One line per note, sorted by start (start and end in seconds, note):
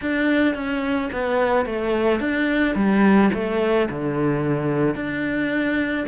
0.01 0.54 D4
0.54 1.09 C#4
1.12 1.65 B3
1.65 2.20 A3
2.20 2.75 D4
2.75 3.30 G3
3.33 3.88 A3
3.89 4.95 D3
4.95 6.05 D4